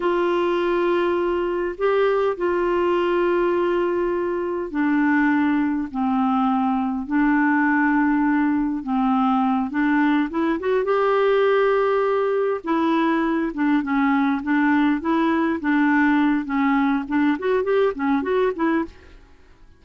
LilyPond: \new Staff \with { instrumentName = "clarinet" } { \time 4/4 \tempo 4 = 102 f'2. g'4 | f'1 | d'2 c'2 | d'2. c'4~ |
c'8 d'4 e'8 fis'8 g'4.~ | g'4. e'4. d'8 cis'8~ | cis'8 d'4 e'4 d'4. | cis'4 d'8 fis'8 g'8 cis'8 fis'8 e'8 | }